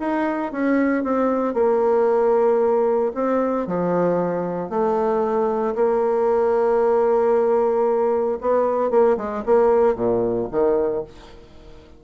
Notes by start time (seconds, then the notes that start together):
0.00 D#4
0.53 C#4
1.04 C4
1.55 A#3
3.15 C4
3.67 F3
4.70 A3
5.76 A#3
8.41 B3
8.91 A#3
9.17 G#3
9.46 A#3
9.96 A#2
10.52 D#3